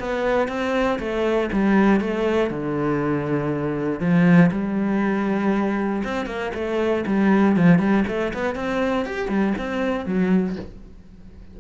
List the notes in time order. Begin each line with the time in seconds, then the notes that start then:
0.00 B3
0.49 C4
0.99 A3
1.53 G3
2.01 A3
2.51 D3
4.00 F3
4.52 G3
6.05 C4
6.27 A#3
6.55 A3
7.07 G3
7.57 F3
7.79 G3
8.08 A3
8.34 B3
8.56 C4
9.06 G4
9.29 G3
9.58 C4
10.06 F#3